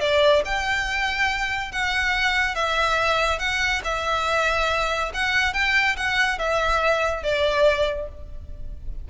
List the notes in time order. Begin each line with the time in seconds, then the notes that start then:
0.00 D5
0.45 G5
1.72 F#5
2.55 E5
3.39 F#5
3.84 E5
5.14 F#5
5.53 G5
5.97 F#5
6.38 E5
7.23 D5